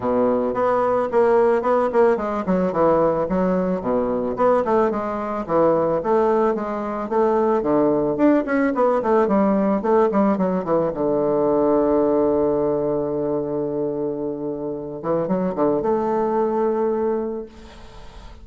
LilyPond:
\new Staff \with { instrumentName = "bassoon" } { \time 4/4 \tempo 4 = 110 b,4 b4 ais4 b8 ais8 | gis8 fis8 e4 fis4 b,4 | b8 a8 gis4 e4 a4 | gis4 a4 d4 d'8 cis'8 |
b8 a8 g4 a8 g8 fis8 e8 | d1~ | d2.~ d8 e8 | fis8 d8 a2. | }